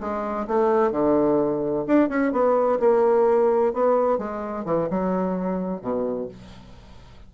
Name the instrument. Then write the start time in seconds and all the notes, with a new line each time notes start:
bassoon
0.00 G#3
0.47 A3
0.91 D3
1.87 D4
2.09 C#4
2.32 B3
2.80 A#3
3.73 B3
4.18 G#3
4.65 E3
4.90 F#3
5.81 B2